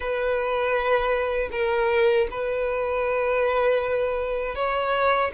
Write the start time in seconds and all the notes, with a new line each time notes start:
0.00 B4
1.51 A#4
2.30 B4
4.55 C#5